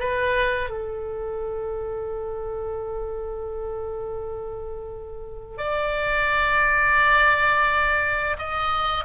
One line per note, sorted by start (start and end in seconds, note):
0.00 0.70 B4
0.70 5.58 A4
5.58 8.37 D5
8.38 9.05 D#5